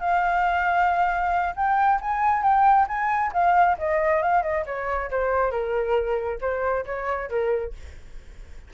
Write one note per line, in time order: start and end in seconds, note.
0.00 1.54 F5
1.56 2.00 G5
2.01 2.43 G#5
2.43 2.87 G5
2.88 3.32 G#5
3.33 3.78 F5
3.78 4.23 D#5
4.23 4.43 F5
4.43 4.65 D#5
4.66 5.10 C#5
5.11 5.51 C5
5.51 6.40 A#4
6.41 6.85 C5
6.86 7.30 C#5
7.30 7.74 A#4